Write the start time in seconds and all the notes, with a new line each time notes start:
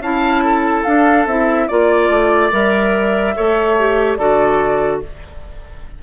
0.00 C#4 E4 F5 A5
0.44 A4
0.84 D4 F5
1.26 C4 E4 E5
1.68 A#3 F4 D5
2.09 A3
2.51 G3 A#4 E5
3.35 A3 A4 C#5
3.79 G4
4.16 D3 F#4 A4 D5